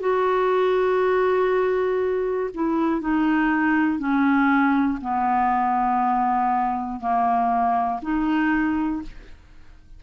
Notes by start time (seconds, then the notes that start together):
0.00 F#4
2.54 E4
3.00 D#4
3.99 C#4
5.01 B3
7.00 A#3
8.02 D#4